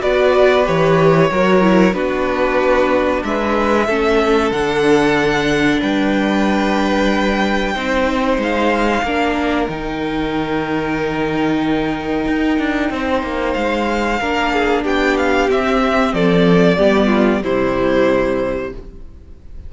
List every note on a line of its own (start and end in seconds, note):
0.00 0.68 B3
0.00 0.64 F#4
0.00 1.30 B4
0.00 0.67 D5
0.64 1.31 E3
0.64 1.29 G4
0.64 1.94 C#5
1.31 1.94 F#3
1.31 1.61 F#4
1.31 1.95 A#4
1.61 1.94 E4
1.94 3.23 B3
1.94 3.87 D4
1.94 3.24 F#4
1.94 3.23 B4
3.24 3.88 G#3
3.24 3.87 B4
3.24 4.52 E5
3.87 4.52 A3
3.87 4.53 C#4
3.87 5.80 A4
4.52 5.81 D3
4.52 7.76 D4
4.52 5.81 F#5
5.80 7.76 G3
5.80 7.74 B4
5.80 8.41 G5
7.74 8.38 C4
7.74 9.05 D#4
7.74 9.03 C5
8.38 9.03 G#3
8.38 9.69 F5
9.03 9.67 A#3
9.03 9.69 D4
9.03 12.92 A#4
9.68 12.26 D#3
9.68 14.21 D#4
9.68 13.54 G5
12.28 12.59 D#4
12.59 12.90 D4
12.90 13.23 C4
12.90 14.20 C5
13.23 13.55 A#3
13.54 14.21 G#3
13.54 14.83 F5
14.20 14.85 A#3
14.20 15.49 D4
14.20 14.52 A#4
14.53 14.84 G#4
14.84 15.49 B3
14.84 16.13 G4
14.84 15.17 G5
15.17 15.50 F5
15.49 16.78 C4
15.49 16.13 C4
15.49 16.14 E5
16.13 16.78 F3
16.13 16.78 A4
16.13 17.43 D5
16.78 17.44 G3
16.78 17.43 B3
16.78 17.07 G4
17.07 17.39 F4
17.44 18.73 C3
17.44 18.73 G3
17.44 18.73 E4
17.44 18.73 C5